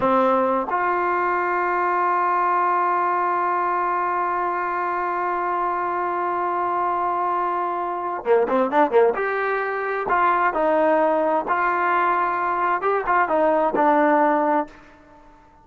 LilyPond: \new Staff \with { instrumentName = "trombone" } { \time 4/4 \tempo 4 = 131 c'4. f'2~ f'8~ | f'1~ | f'1~ | f'1~ |
f'2 ais8 c'8 d'8 ais8 | g'2 f'4 dis'4~ | dis'4 f'2. | g'8 f'8 dis'4 d'2 | }